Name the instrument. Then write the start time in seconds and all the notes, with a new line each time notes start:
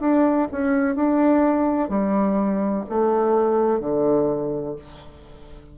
bassoon
0.00 D4
0.52 C#4
0.95 D4
1.89 G3
2.89 A3
3.80 D3